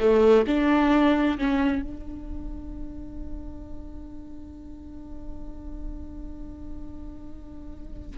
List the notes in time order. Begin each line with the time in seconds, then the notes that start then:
0.00 A3
0.47 D4
1.38 C#4
1.82 D4